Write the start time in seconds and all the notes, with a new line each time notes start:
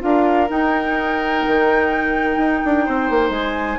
0.00 D4 F4 A#4 F5
0.50 D#4 G5
1.47 D#3
2.38 D#4
2.65 D4
2.86 C4 C5
3.10 A#3
3.30 G#3 G#5